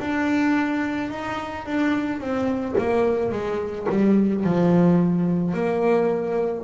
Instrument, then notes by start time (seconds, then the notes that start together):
double bass
0.00 D4
1.11 D#4
1.66 D4
2.21 C4
2.78 A#3
3.32 G#3
3.90 G3
4.45 F3
5.55 A#3